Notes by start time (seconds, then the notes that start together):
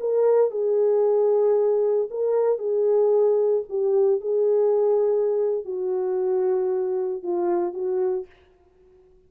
0.00 A#4
0.51 G#4
2.10 A#4
2.58 G#4
3.69 G4
4.21 G#4
5.65 F#4
7.23 F4
7.73 F#4